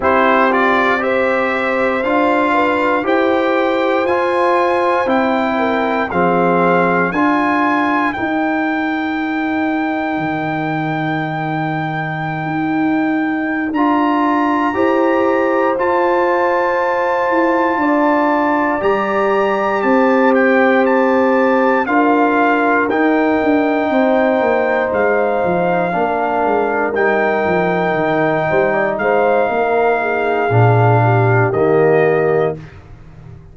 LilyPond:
<<
  \new Staff \with { instrumentName = "trumpet" } { \time 4/4 \tempo 4 = 59 c''8 d''8 e''4 f''4 g''4 | gis''4 g''4 f''4 gis''4 | g''1~ | g''4. ais''2 a''8~ |
a''2~ a''8 ais''4 a''8 | g''8 a''4 f''4 g''4.~ | g''8 f''2 g''4.~ | g''8 f''2~ f''8 dis''4 | }
  \new Staff \with { instrumentName = "horn" } { \time 4/4 g'4 c''4. b'8 c''4~ | c''4. ais'8 gis'4 ais'4~ | ais'1~ | ais'2~ ais'8 c''4.~ |
c''4. d''2 c''8~ | c''4. ais'2 c''8~ | c''4. ais'2~ ais'8 | c''16 d''16 c''8 ais'8 gis'4 g'4. | }
  \new Staff \with { instrumentName = "trombone" } { \time 4/4 e'8 f'8 g'4 f'4 g'4 | f'4 e'4 c'4 f'4 | dis'1~ | dis'4. f'4 g'4 f'8~ |
f'2~ f'8 g'4.~ | g'4. f'4 dis'4.~ | dis'4. d'4 dis'4.~ | dis'2 d'4 ais4 | }
  \new Staff \with { instrumentName = "tuba" } { \time 4/4 c'2 d'4 e'4 | f'4 c'4 f4 d'4 | dis'2 dis2~ | dis16 dis'4~ dis'16 d'4 e'4 f'8~ |
f'4 e'8 d'4 g4 c'8~ | c'4. d'4 dis'8 d'8 c'8 | ais8 gis8 f8 ais8 gis8 g8 f8 dis8 | g8 gis8 ais4 ais,4 dis4 | }
>>